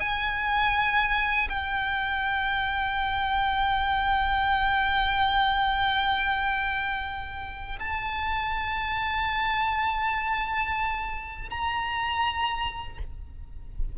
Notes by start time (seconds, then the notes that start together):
0.00 G#5
1.49 G5
7.79 A5
11.50 A#5